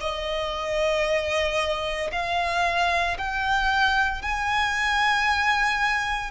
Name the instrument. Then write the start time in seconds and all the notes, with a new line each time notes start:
violin
0.00 D#5
2.12 F5
3.18 G5
4.22 G#5